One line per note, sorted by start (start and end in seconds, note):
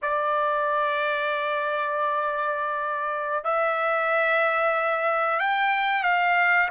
0.01 3.44 D5
3.44 5.39 E5
5.39 6.03 G5
6.03 6.68 F5